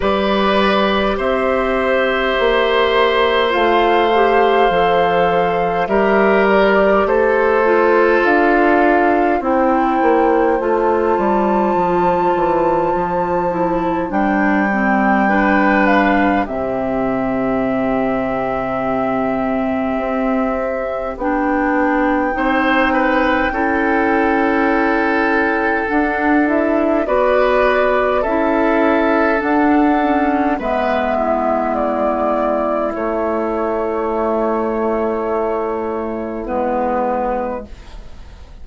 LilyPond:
<<
  \new Staff \with { instrumentName = "flute" } { \time 4/4 \tempo 4 = 51 d''4 e''2 f''4~ | f''4 e''8 d''8 c''4 f''4 | g''4 a''2. | g''4. f''8 e''2~ |
e''2 g''2~ | g''2 fis''8 e''8 d''4 | e''4 fis''4 e''4 d''4 | cis''2. b'4 | }
  \new Staff \with { instrumentName = "oboe" } { \time 4/4 b'4 c''2.~ | c''4 ais'4 a'2 | c''1~ | c''4 b'4 g'2~ |
g'2. c''8 b'8 | a'2. b'4 | a'2 b'8 e'4.~ | e'1 | }
  \new Staff \with { instrumentName = "clarinet" } { \time 4/4 g'2. f'8 g'8 | a'4 g'4. f'4. | e'4 f'2~ f'8 e'8 | d'8 c'8 d'4 c'2~ |
c'2 d'4 dis'4 | e'2 d'8 e'8 fis'4 | e'4 d'8 cis'8 b2 | a2. b4 | }
  \new Staff \with { instrumentName = "bassoon" } { \time 4/4 g4 c'4 ais4 a4 | f4 g4 a4 d'4 | c'8 ais8 a8 g8 f8 e8 f4 | g2 c2~ |
c4 c'4 b4 c'4 | cis'2 d'4 b4 | cis'4 d'4 gis2 | a2. gis4 | }
>>